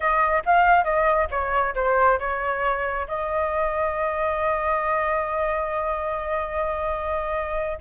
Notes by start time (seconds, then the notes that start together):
0.00 D#5
0.45 F5
0.83 D#5
1.30 C#5
1.75 C5
2.19 C#5
3.07 D#5